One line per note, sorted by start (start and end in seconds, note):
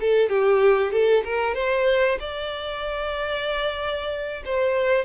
0.00 0.29 A4
0.29 0.92 G4
0.92 1.24 A4
1.24 1.54 A#4
1.54 2.18 C5
2.20 4.43 D5
4.45 5.05 C5